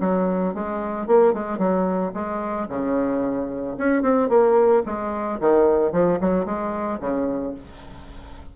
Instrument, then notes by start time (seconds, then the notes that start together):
bassoon
0.00 F#3
0.54 G#3
1.07 A#3
1.33 G#3
1.58 F#3
2.14 G#3
2.68 C#3
3.78 C#4
4.02 C4
4.29 A#3
4.86 G#3
5.40 D#3
5.92 F3
6.20 F#3
6.45 G#3
7.00 C#3